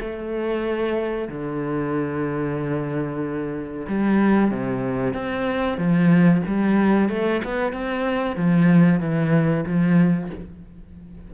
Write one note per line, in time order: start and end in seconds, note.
0.00 1.28 A3
1.28 3.86 D3
3.88 4.51 G3
4.51 5.14 C3
5.14 5.77 C4
5.77 6.42 F3
6.46 7.09 G3
7.09 7.41 A3
7.44 7.72 B3
7.72 8.36 C4
8.36 9.00 F3
9.00 9.64 E3
9.65 10.30 F3